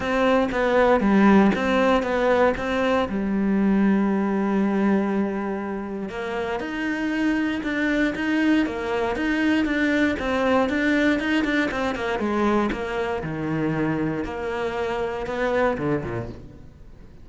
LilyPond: \new Staff \with { instrumentName = "cello" } { \time 4/4 \tempo 4 = 118 c'4 b4 g4 c'4 | b4 c'4 g2~ | g1 | ais4 dis'2 d'4 |
dis'4 ais4 dis'4 d'4 | c'4 d'4 dis'8 d'8 c'8 ais8 | gis4 ais4 dis2 | ais2 b4 d8 ais,8 | }